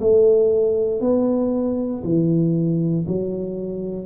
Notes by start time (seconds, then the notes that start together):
0.00 A3
1.00 B3
2.03 E3
3.07 F#3